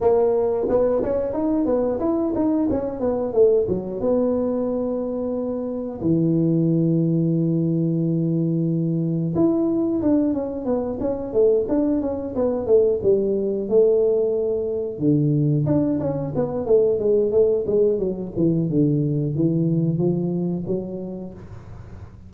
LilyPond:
\new Staff \with { instrumentName = "tuba" } { \time 4/4 \tempo 4 = 90 ais4 b8 cis'8 dis'8 b8 e'8 dis'8 | cis'8 b8 a8 fis8 b2~ | b4 e2.~ | e2 e'4 d'8 cis'8 |
b8 cis'8 a8 d'8 cis'8 b8 a8 g8~ | g8 a2 d4 d'8 | cis'8 b8 a8 gis8 a8 gis8 fis8 e8 | d4 e4 f4 fis4 | }